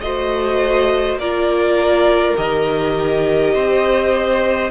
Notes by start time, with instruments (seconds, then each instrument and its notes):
0.00 cello A3, viola F#4, violin C5 D#5
1.15 cello A#3, viola F4, violin A#4 D5
2.36 cello D#3, viola G4, violin D#5
3.53 cello C4, violin C5